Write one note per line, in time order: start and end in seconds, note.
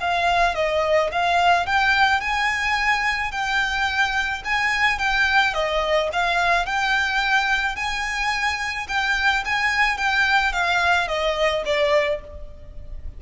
0.00 0.55 F5
0.55 1.10 D#5
1.11 1.66 F5
1.66 2.20 G5
2.20 3.31 G#5
3.31 4.42 G5
4.44 4.98 G#5
4.98 5.54 G5
5.54 6.09 D#5
6.12 6.66 F5
6.66 7.76 G5
7.76 8.87 G#5
8.88 9.44 G5
9.45 9.97 G#5
9.97 10.52 G5
10.52 11.08 F5
11.08 11.63 D#5
11.65 12.21 D5